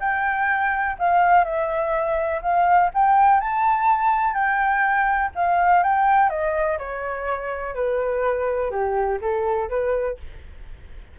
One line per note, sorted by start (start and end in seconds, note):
0.00 0.97 G5
0.99 1.45 F5
1.45 2.41 E5
2.42 2.90 F5
2.94 3.40 G5
3.40 4.34 A5
4.34 5.30 G5
5.35 5.83 F5
5.83 6.30 G5
6.30 6.78 D#5
6.78 7.75 C#5
7.75 8.71 B4
8.71 9.19 G4
9.21 9.69 A4
9.69 10.17 B4